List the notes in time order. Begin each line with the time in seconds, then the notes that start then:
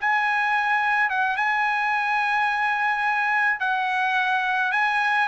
0.00 G#5
1.10 F#5
1.36 G#5
3.59 F#5
4.72 G#5